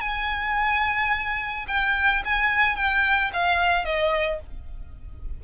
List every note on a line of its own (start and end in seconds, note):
0.00 1.65 G#5
1.68 2.23 G5
2.24 2.76 G#5
2.76 3.31 G5
3.33 3.85 F5
3.85 4.40 D#5